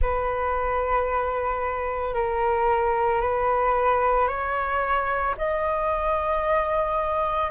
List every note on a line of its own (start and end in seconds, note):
0.01 2.14 B4
2.14 3.21 A#4
3.21 4.28 B4
4.28 5.35 C#5
5.37 7.50 D#5